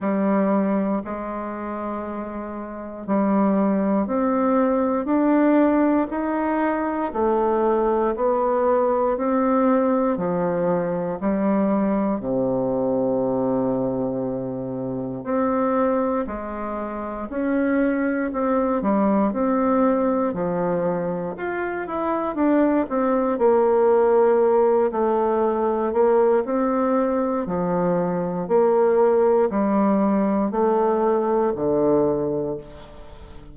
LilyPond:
\new Staff \with { instrumentName = "bassoon" } { \time 4/4 \tempo 4 = 59 g4 gis2 g4 | c'4 d'4 dis'4 a4 | b4 c'4 f4 g4 | c2. c'4 |
gis4 cis'4 c'8 g8 c'4 | f4 f'8 e'8 d'8 c'8 ais4~ | ais8 a4 ais8 c'4 f4 | ais4 g4 a4 d4 | }